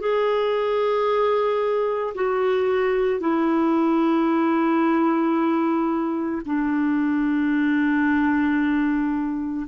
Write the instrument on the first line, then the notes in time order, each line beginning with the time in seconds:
clarinet
0.00 G#4
2.15 F#4
3.20 E4
6.45 D4